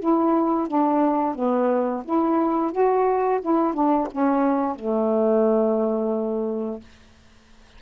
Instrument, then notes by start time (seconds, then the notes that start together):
saxophone
0.00 E4
0.68 D4
1.35 B3
2.05 E4
2.72 F#4
3.42 E4
3.74 D4
4.12 C#4
4.76 A3